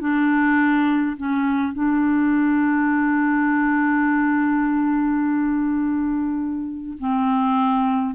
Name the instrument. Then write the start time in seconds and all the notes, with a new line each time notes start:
clarinet
0.00 D4
1.17 C#4
1.73 D4
6.99 C4